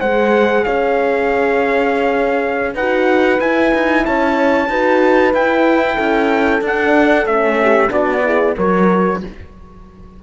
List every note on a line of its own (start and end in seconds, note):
0.00 0.65 G#3
0.00 2.77 G#4
0.00 0.65 C5
0.00 0.64 F#5
0.64 2.75 C#4
0.64 2.74 C#5
0.64 2.74 F5
2.74 3.39 D#4
2.74 3.40 F#4
2.74 4.03 B4
2.74 3.40 F#5
3.40 4.69 E4
3.40 3.73 E4
3.40 4.05 G#5
3.74 4.06 D#4
4.05 4.69 C#4
4.05 4.70 C#5
4.05 5.34 A5
4.69 5.33 D#4
4.69 5.34 F#4
4.69 5.95 B4
5.34 5.98 E4
5.34 6.63 E4
5.34 6.63 G5
5.95 6.61 C#4
5.95 7.57 A4
6.61 7.26 D4
6.61 7.28 D4
6.61 7.27 F#5
7.26 7.90 A3
7.26 7.88 C#4
7.26 7.92 E5
7.62 7.92 G4
7.88 8.55 B3
7.88 8.21 D4
7.88 8.24 F#4
7.88 8.57 D5
8.24 8.56 E4
8.24 8.56 G#4
8.56 9.23 F#3
8.56 9.22 F#4
8.56 9.21 A#4
8.56 9.23 C#5